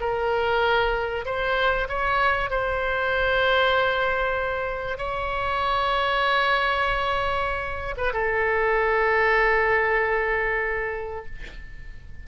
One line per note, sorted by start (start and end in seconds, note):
0.00 1.25 A#4
1.25 1.88 C5
1.88 2.50 C#5
2.50 4.98 C5
4.98 7.95 C#5
7.97 8.12 B4
8.13 11.25 A4